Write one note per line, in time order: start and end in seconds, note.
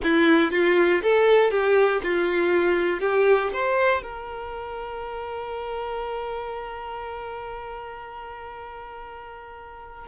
0.03 0.51 E4
0.51 1.01 F4
1.02 1.50 A4
1.50 2.01 G4
2.03 3.00 F4
3.00 3.50 G4
3.53 4.02 C5
4.02 10.07 A#4